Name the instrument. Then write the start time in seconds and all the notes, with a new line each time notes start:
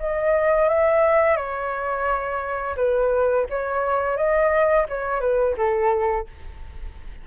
flute
0.00 D#5
0.69 E5
1.37 C#5
2.77 B4
3.50 C#5
4.17 D#5
4.89 C#5
5.21 B4
5.58 A4